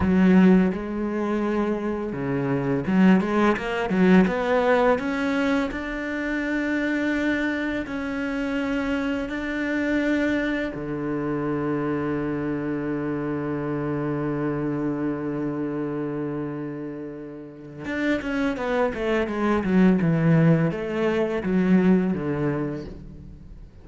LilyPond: \new Staff \with { instrumentName = "cello" } { \time 4/4 \tempo 4 = 84 fis4 gis2 cis4 | fis8 gis8 ais8 fis8 b4 cis'4 | d'2. cis'4~ | cis'4 d'2 d4~ |
d1~ | d1~ | d4 d'8 cis'8 b8 a8 gis8 fis8 | e4 a4 fis4 d4 | }